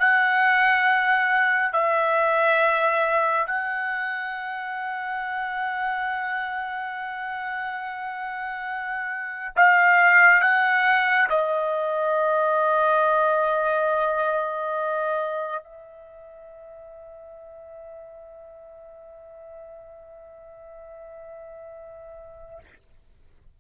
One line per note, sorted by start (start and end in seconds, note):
0.00 1.73 F#5
1.73 3.47 E5
3.47 9.56 F#5
9.57 10.42 F5
10.42 11.28 F#5
11.30 15.64 D#5
15.64 22.60 E5